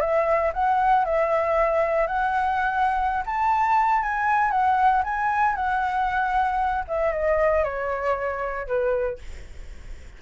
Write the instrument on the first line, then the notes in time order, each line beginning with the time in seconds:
flute
0.00 E5
0.53 F#5
1.05 E5
2.07 F#5
3.25 A5
4.02 G#5
4.51 F#5
5.04 G#5
5.55 F#5
6.88 E5
7.12 D#5
7.64 C#5
8.67 B4